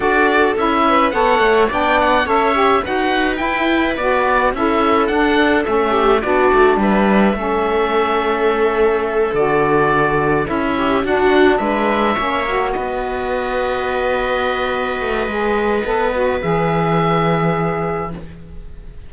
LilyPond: <<
  \new Staff \with { instrumentName = "oboe" } { \time 4/4 \tempo 4 = 106 d''4 e''4 fis''4 g''8 fis''8 | e''4 fis''4 g''4 d''4 | e''4 fis''4 e''4 d''4 | e''1~ |
e''8 d''2 e''4 fis''8~ | fis''8 e''2 dis''4.~ | dis''1~ | dis''4 e''2. | }
  \new Staff \with { instrumentName = "viola" } { \time 4/4 a'4. b'8 cis''4 d''4 | cis''4 b'2. | a'2~ a'8 g'8 fis'4 | b'4 a'2.~ |
a'2. g'8 fis'8~ | fis'8 b'4 cis''4 b'4.~ | b'1~ | b'1 | }
  \new Staff \with { instrumentName = "saxophone" } { \time 4/4 fis'4 e'4 a'4 d'4 | a'8 g'8 fis'4 e'4 fis'4 | e'4 d'4 cis'4 d'4~ | d'4 cis'2.~ |
cis'8 fis'2 e'4 d'8~ | d'4. cis'8 fis'2~ | fis'2. gis'4 | a'8 fis'8 gis'2. | }
  \new Staff \with { instrumentName = "cello" } { \time 4/4 d'4 cis'4 b8 a8 b4 | cis'4 dis'4 e'4 b4 | cis'4 d'4 a4 b8 a8 | g4 a2.~ |
a8 d2 cis'4 d'8~ | d'8 gis4 ais4 b4.~ | b2~ b8 a8 gis4 | b4 e2. | }
>>